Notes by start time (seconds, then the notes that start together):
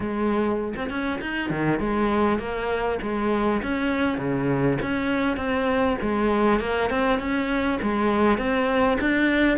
0.00 G#3
0.76 C4
0.90 C#4
1.21 D#4
1.50 D#3
1.79 G#3
2.38 A#3
3.02 G#3
3.62 C#4
4.18 C#3
4.82 C#4
5.36 C4
6.01 G#3
6.60 A#3
6.90 C4
7.19 C#4
7.82 G#3
8.38 C4
9.00 D4